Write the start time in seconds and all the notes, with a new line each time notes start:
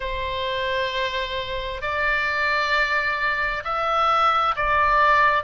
0.00 C5
1.81 D5
3.64 E5
4.55 D5